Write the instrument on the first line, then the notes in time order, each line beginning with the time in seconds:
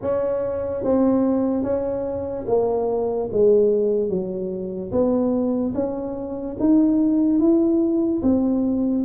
tuba
0.01 C#4
0.83 C4
1.63 C#4
2.47 A#3
3.31 G#3
4.09 F#3
4.91 B3
5.74 C#4
6.59 D#4
7.39 E4
8.22 C4